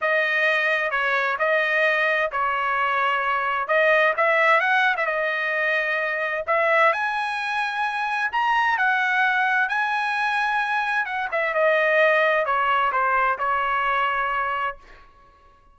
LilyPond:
\new Staff \with { instrumentName = "trumpet" } { \time 4/4 \tempo 4 = 130 dis''2 cis''4 dis''4~ | dis''4 cis''2. | dis''4 e''4 fis''8. e''16 dis''4~ | dis''2 e''4 gis''4~ |
gis''2 ais''4 fis''4~ | fis''4 gis''2. | fis''8 e''8 dis''2 cis''4 | c''4 cis''2. | }